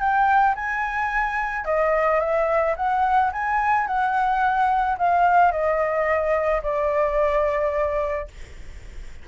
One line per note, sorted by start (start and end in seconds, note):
0.00 0.55 G5
0.55 1.65 G#5
1.65 2.20 D#5
2.20 2.75 E5
2.76 3.31 F#5
3.32 3.87 G#5
3.87 4.97 F#5
4.98 5.52 F5
5.52 6.62 D#5
6.63 8.28 D5